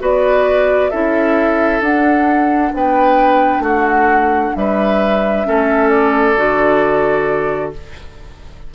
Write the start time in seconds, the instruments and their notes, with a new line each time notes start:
0.00 bassoon B3, clarinet F#4, oboe B4, flute D5
0.90 bassoon C#4, clarinet E4, oboe A4, flute E5
1.81 bassoon D4, clarinet D4, flute F#5
2.73 bassoon B3, oboe B4, flute G5
3.59 bassoon A3, oboe F#4
3.67 flute F#5
4.55 bassoon G3, oboe B4, flute E5
5.45 bassoon A3, clarinet C#4, oboe A4
5.89 flute D5
6.37 bassoon D3, clarinet F#4